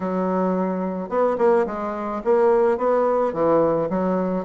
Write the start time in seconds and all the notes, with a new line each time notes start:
0.00 F#3
1.09 B3
1.38 A#3
1.66 G#3
2.24 A#3
2.77 B3
3.33 E3
3.89 F#3